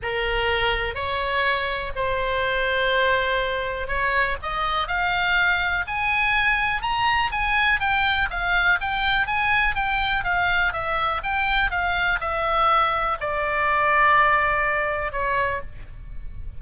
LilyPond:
\new Staff \with { instrumentName = "oboe" } { \time 4/4 \tempo 4 = 123 ais'2 cis''2 | c''1 | cis''4 dis''4 f''2 | gis''2 ais''4 gis''4 |
g''4 f''4 g''4 gis''4 | g''4 f''4 e''4 g''4 | f''4 e''2 d''4~ | d''2. cis''4 | }